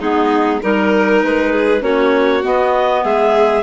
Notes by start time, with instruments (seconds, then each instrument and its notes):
0.00 bassoon G#3, clarinet B3 G#4, violin D#4
0.62 bassoon G3, clarinet D#4 A#4, violin A#4
1.23 bassoon G#3, clarinet B4
1.52 violin G#4
1.81 bassoon A#3, clarinet C#4 C#5, violin F#4
2.42 clarinet B3 D#5, bassoon B3
3.04 bassoon G#3, violin G#4, clarinet E5